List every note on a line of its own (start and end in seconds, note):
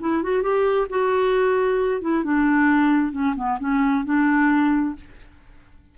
0.00 0.23 E4
0.23 0.42 F#4
0.42 0.87 G4
0.90 2.01 F#4
2.01 2.24 E4
2.24 3.12 D4
3.12 3.35 C#4
3.36 3.58 B3
3.60 4.05 C#4
4.05 4.95 D4